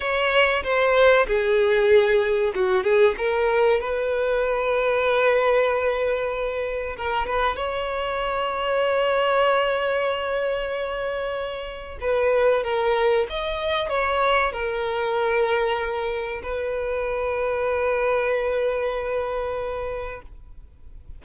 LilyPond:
\new Staff \with { instrumentName = "violin" } { \time 4/4 \tempo 4 = 95 cis''4 c''4 gis'2 | fis'8 gis'8 ais'4 b'2~ | b'2. ais'8 b'8 | cis''1~ |
cis''2. b'4 | ais'4 dis''4 cis''4 ais'4~ | ais'2 b'2~ | b'1 | }